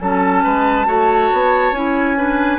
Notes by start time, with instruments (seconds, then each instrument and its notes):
0.00 bassoon F#3, clarinet C#4, oboe A4, flute A5
0.43 bassoon G#3, oboe B4
0.85 bassoon A3, clarinet F#4, oboe C#5
1.33 bassoon B3
1.71 bassoon C#4, clarinet E4, flute G#5
2.17 clarinet D4, oboe B4